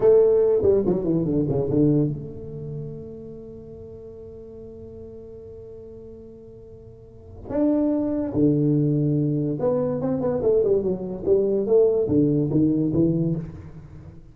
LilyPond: \new Staff \with { instrumentName = "tuba" } { \time 4/4 \tempo 4 = 144 a4. g8 fis8 e8 d8 cis8 | d4 a2.~ | a1~ | a1~ |
a2 d'2 | d2. b4 | c'8 b8 a8 g8 fis4 g4 | a4 d4 dis4 e4 | }